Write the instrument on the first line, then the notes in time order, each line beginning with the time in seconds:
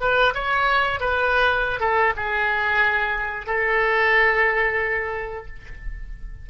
oboe
0.00 B4
0.34 C#5
1.00 B4
1.80 A4
2.16 G#4
3.46 A4